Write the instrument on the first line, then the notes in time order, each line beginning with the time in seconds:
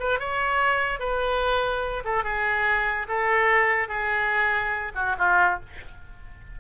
oboe
0.00 B4
0.20 C#5
1.00 B4
2.05 A4
2.24 G#4
3.09 A4
3.88 G#4
4.95 F#4
5.18 F4